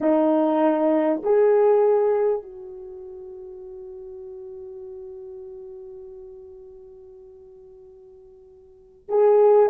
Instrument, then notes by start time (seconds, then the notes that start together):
horn
0.00 D#4
1.23 G#4
2.42 F#4
9.09 G#4